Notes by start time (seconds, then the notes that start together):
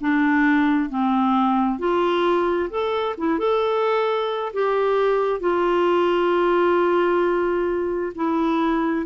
0.00 D4
0.89 C4
1.79 F4
2.70 A4
3.17 E4
3.38 A4
4.53 G4
5.40 F4
8.15 E4